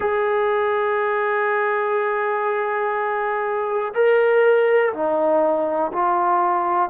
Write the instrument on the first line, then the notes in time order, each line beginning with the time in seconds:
trombone
0.00 G#4
3.94 A#4
4.93 D#4
5.92 F4